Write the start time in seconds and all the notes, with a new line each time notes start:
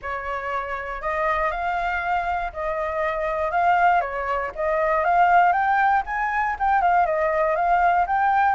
0.02 C#5
1.01 D#5
1.51 F5
2.52 D#5
3.51 F5
4.00 C#5
4.55 D#5
5.04 F5
5.52 G5
6.06 G#5
6.59 G5
6.81 F5
7.06 D#5
7.55 F5
8.06 G5